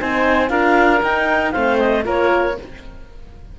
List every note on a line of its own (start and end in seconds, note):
0.00 0.50 C4
0.00 0.49 D#4
0.00 0.51 C5
0.00 0.49 G#5
0.49 1.01 D4
0.49 1.00 F4
0.49 1.53 A#4
0.49 1.00 F5
1.02 1.54 D#4
1.02 1.51 G5
1.51 2.06 A3
1.51 2.03 C4
1.51 2.04 C5
1.51 1.77 F5
1.78 2.04 D#5
2.03 2.57 A#3
2.03 2.55 F4
2.03 2.56 A#4
2.03 2.59 C#5